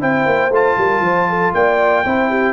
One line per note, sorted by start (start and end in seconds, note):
0.00 0.26 C4
0.00 0.51 E4
0.00 0.77 C5
0.00 0.52 G5
0.26 0.50 A#3
0.50 0.75 A3
0.50 2.05 F4
0.50 1.54 A5
0.77 1.01 G3
0.77 1.03 A#4
1.01 1.51 F3
1.01 1.28 C5
1.29 1.54 A4
1.53 2.04 A#3
1.53 2.04 D5
1.53 2.53 G5
2.04 2.53 C4
2.04 2.53 E4
2.04 2.29 C5
2.29 2.53 G4